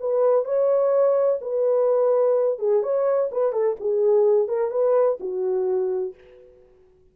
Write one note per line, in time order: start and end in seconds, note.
0.00 0.45 B4
0.45 1.39 C#5
1.41 2.59 B4
2.59 2.83 G#4
2.83 3.30 C#5
3.31 3.52 B4
3.52 3.76 A4
3.80 4.48 G#4
4.48 4.71 A#4
4.71 5.18 B4
5.20 6.14 F#4